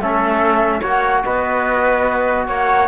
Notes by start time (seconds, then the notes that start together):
0.00 A3 C#4 A4 E5
0.81 A#3 F#4 C#5 F#5
1.24 B3 B4 D#5
2.48 A#3 C#5 F#5